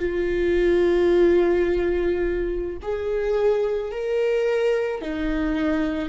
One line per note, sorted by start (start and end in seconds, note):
0.00 2.78 F4
2.82 3.92 G#4
3.92 5.02 A#4
5.02 6.09 D#4